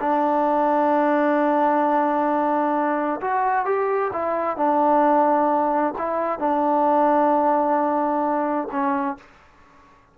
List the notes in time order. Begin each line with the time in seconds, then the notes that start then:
0.00 D4
3.21 F#4
3.66 G4
4.13 E4
4.57 D4
5.98 E4
6.40 D4
8.72 C#4